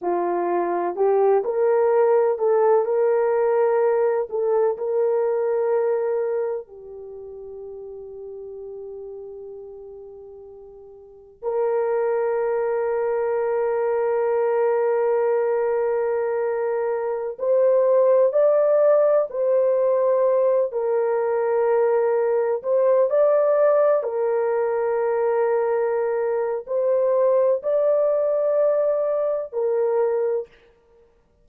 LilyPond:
\new Staff \with { instrumentName = "horn" } { \time 4/4 \tempo 4 = 63 f'4 g'8 ais'4 a'8 ais'4~ | ais'8 a'8 ais'2 g'4~ | g'1 | ais'1~ |
ais'2~ ais'16 c''4 d''8.~ | d''16 c''4. ais'2 c''16~ | c''16 d''4 ais'2~ ais'8. | c''4 d''2 ais'4 | }